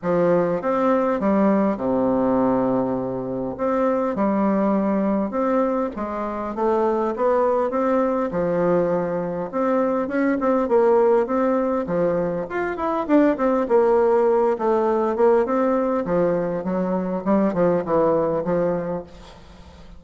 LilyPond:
\new Staff \with { instrumentName = "bassoon" } { \time 4/4 \tempo 4 = 101 f4 c'4 g4 c4~ | c2 c'4 g4~ | g4 c'4 gis4 a4 | b4 c'4 f2 |
c'4 cis'8 c'8 ais4 c'4 | f4 f'8 e'8 d'8 c'8 ais4~ | ais8 a4 ais8 c'4 f4 | fis4 g8 f8 e4 f4 | }